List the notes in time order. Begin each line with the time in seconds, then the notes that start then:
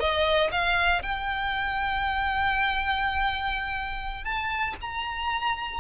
0.00 D#5
0.52 F5
1.02 G5
4.24 A5
4.81 A#5